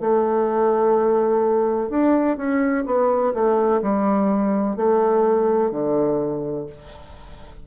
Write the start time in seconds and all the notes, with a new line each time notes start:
0.00 A3
1.90 D4
2.37 C#4
2.85 B3
3.33 A3
3.81 G3
4.76 A3
5.71 D3